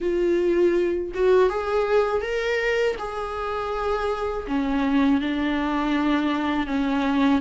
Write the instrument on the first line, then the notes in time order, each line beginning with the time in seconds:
viola
0.00 F4
1.14 F#4
1.49 G#4
2.21 A#4
2.98 G#4
4.46 C#4
5.21 D4
6.67 C#4